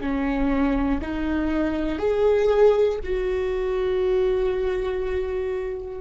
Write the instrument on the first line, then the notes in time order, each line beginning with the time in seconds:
viola
0.00 C#4
1.01 D#4
1.98 G#4
3.03 F#4